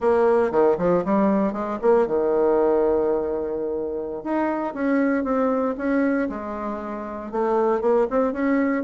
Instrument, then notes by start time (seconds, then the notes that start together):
bassoon
0.00 A#3
0.51 D#3
0.78 F3
1.04 G3
1.52 G#3
1.81 A#3
2.06 D#3
4.23 D#4
4.74 C#4
5.24 C4
5.77 C#4
6.29 G#3
7.31 A3
7.81 A#3
8.10 C4
8.32 C#4